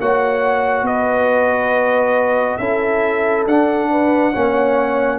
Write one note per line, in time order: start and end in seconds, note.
0.00 0.83 A#3
0.00 2.61 F#4
0.00 0.86 C#5
0.00 0.87 F#5
0.83 2.57 B3
0.83 2.60 B4
0.83 2.58 D#5
2.58 3.46 C#4
2.58 3.48 E4
2.58 3.91 A4
2.58 3.45 E5
3.46 4.33 D4
3.46 4.34 D4
3.46 5.19 F#5
3.91 4.33 B4
4.33 5.19 A#3
4.33 5.19 C#4
4.33 5.19 C#5